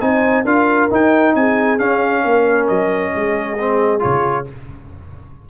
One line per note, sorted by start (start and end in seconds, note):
0.00 0.45 C4
0.00 0.45 D#4
0.00 0.45 C5
0.00 0.45 G#5
0.45 0.89 D4
0.45 0.90 F4
0.45 1.34 A#4
0.45 0.91 F5
0.90 1.79 D#4
0.90 1.35 D#4
0.90 1.35 G5
1.35 1.80 C4
1.35 2.23 G#4
1.35 1.79 G#5
1.79 3.58 C#4
1.79 2.25 C#4
1.79 2.68 F5
2.23 2.69 A#3
2.23 3.13 A#4
2.68 3.14 F#3
2.68 4.02 D#5
3.13 4.04 G#3
3.13 4.47 G#4
3.58 3.99 C4
3.99 4.49 C#3
3.99 4.44 F4
3.99 4.47 C#5